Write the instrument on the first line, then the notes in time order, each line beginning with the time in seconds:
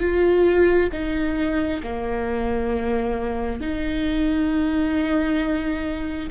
viola
0.00 F4
0.93 D#4
1.84 A#3
3.61 D#4